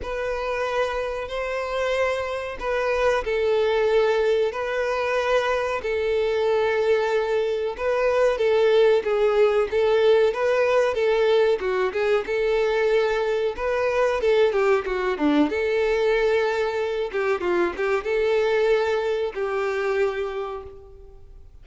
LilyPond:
\new Staff \with { instrumentName = "violin" } { \time 4/4 \tempo 4 = 93 b'2 c''2 | b'4 a'2 b'4~ | b'4 a'2. | b'4 a'4 gis'4 a'4 |
b'4 a'4 fis'8 gis'8 a'4~ | a'4 b'4 a'8 g'8 fis'8 d'8 | a'2~ a'8 g'8 f'8 g'8 | a'2 g'2 | }